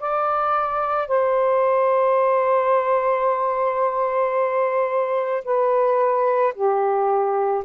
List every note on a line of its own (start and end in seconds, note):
0.00 1.08 D5
1.08 5.44 C5
5.45 6.54 B4
6.55 7.64 G4